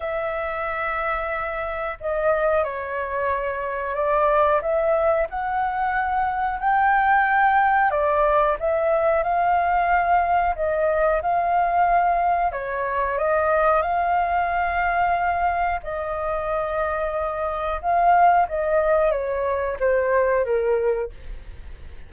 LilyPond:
\new Staff \with { instrumentName = "flute" } { \time 4/4 \tempo 4 = 91 e''2. dis''4 | cis''2 d''4 e''4 | fis''2 g''2 | d''4 e''4 f''2 |
dis''4 f''2 cis''4 | dis''4 f''2. | dis''2. f''4 | dis''4 cis''4 c''4 ais'4 | }